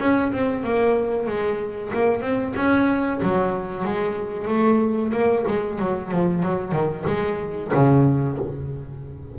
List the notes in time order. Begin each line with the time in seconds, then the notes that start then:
0.00 C#4
0.33 C4
0.64 A#3
1.27 G#3
1.94 A#3
2.21 C4
2.56 C#4
3.23 F#3
3.85 G#3
4.48 A3
5.13 A#3
5.48 G#3
5.79 F#3
6.12 F3
6.43 F#3
6.72 D#3
7.07 G#3
7.74 C#3